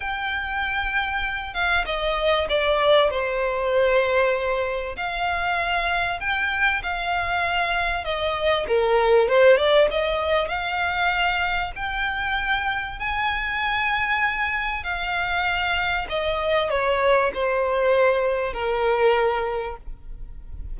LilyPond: \new Staff \with { instrumentName = "violin" } { \time 4/4 \tempo 4 = 97 g''2~ g''8 f''8 dis''4 | d''4 c''2. | f''2 g''4 f''4~ | f''4 dis''4 ais'4 c''8 d''8 |
dis''4 f''2 g''4~ | g''4 gis''2. | f''2 dis''4 cis''4 | c''2 ais'2 | }